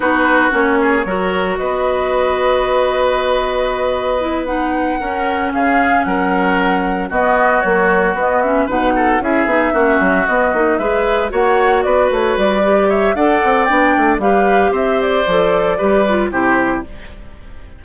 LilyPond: <<
  \new Staff \with { instrumentName = "flute" } { \time 4/4 \tempo 4 = 114 b'4 cis''2 dis''4~ | dis''1~ | dis''8 fis''2 f''4 fis''8~ | fis''4. dis''4 cis''4 dis''8 |
e''8 fis''4 e''2 dis''8~ | dis''8 e''4 fis''4 d''8 cis''8 d''8~ | d''8 e''8 fis''4 g''4 f''4 | e''8 d''2~ d''8 c''4 | }
  \new Staff \with { instrumentName = "oboe" } { \time 4/4 fis'4. gis'8 ais'4 b'4~ | b'1~ | b'4. ais'4 gis'4 ais'8~ | ais'4. fis'2~ fis'8~ |
fis'8 b'8 a'8 gis'4 fis'4.~ | fis'8 b'4 cis''4 b'4.~ | b'8 cis''8 d''2 b'4 | c''2 b'4 g'4 | }
  \new Staff \with { instrumentName = "clarinet" } { \time 4/4 dis'4 cis'4 fis'2~ | fis'1 | e'8 dis'4 cis'2~ cis'8~ | cis'4. b4 fis4 b8 |
cis'8 dis'4 e'8 dis'8 cis'4 b8 | dis'8 gis'4 fis'2~ fis'8 | g'4 a'4 d'4 g'4~ | g'4 a'4 g'8 f'8 e'4 | }
  \new Staff \with { instrumentName = "bassoon" } { \time 4/4 b4 ais4 fis4 b4~ | b1~ | b4. cis'4 cis4 fis8~ | fis4. b4 ais4 b8~ |
b8 b,4 cis'8 b8 ais8 fis8 b8 | ais8 gis4 ais4 b8 a8 g8~ | g4 d'8 c'8 b8 a8 g4 | c'4 f4 g4 c4 | }
>>